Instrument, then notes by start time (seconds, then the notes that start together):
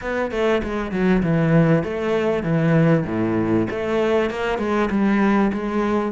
cello
0.01 B3
0.31 A3
0.63 G#3
0.91 F#3
1.22 E3
1.83 A3
2.43 E3
3.06 A2
3.70 A3
4.30 A#3
4.58 G#3
4.90 G3
5.52 G#3